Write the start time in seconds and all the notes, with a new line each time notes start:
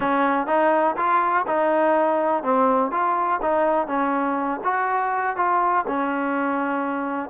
0.00 C#4
0.46 D#4
0.96 F4
1.46 D#4
2.43 C4
2.91 F4
3.41 D#4
3.87 C#4
4.64 F#4
5.36 F4
5.87 C#4